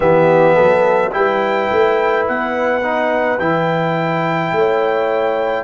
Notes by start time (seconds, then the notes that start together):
0.00 E3 B3 G4 E5
0.54 F#3 A4
1.11 G3 E4 B4 G5
1.71 A3
2.27 B3 F#5
2.82 D#4
3.39 E3 E4 G5
4.52 A3 C#5